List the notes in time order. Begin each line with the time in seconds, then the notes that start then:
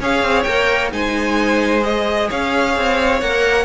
0.00 C#4 G#4 C#5 F5
0.22 C4
0.43 A#3 A#4 G5
0.91 G#3 D#4 C5 G#5
1.81 G#4 D#5
2.28 C#4 C#5 F5
2.76 C4
3.20 A#3 A#4 F#5